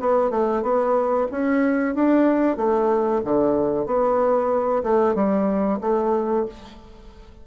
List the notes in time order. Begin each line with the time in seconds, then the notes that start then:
0.00 B3
0.30 A3
0.62 B3
1.31 C#4
1.95 D4
2.57 A3
3.24 D3
3.86 B3
4.83 A3
5.15 G3
5.81 A3